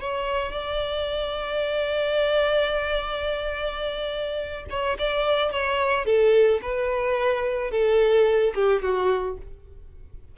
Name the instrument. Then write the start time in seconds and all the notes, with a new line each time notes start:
violin
0.00 C#5
0.52 D5
4.69 C#5
4.98 D5
5.51 C#5
6.05 A4
6.62 B4
7.71 A4
8.54 G4
8.82 F#4